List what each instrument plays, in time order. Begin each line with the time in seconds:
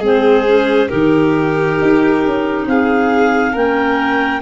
0.00 tuba G#3, clarinet C4 C5, violin G#4
0.46 clarinet C#4
0.89 tuba D#3, clarinet D#4 A#4, violin G4
1.81 tuba D#4
2.25 tuba C#4
2.66 tuba C4, violin G#4, clarinet F5
3.53 tuba A#3, clarinet C#4 G5, violin A#4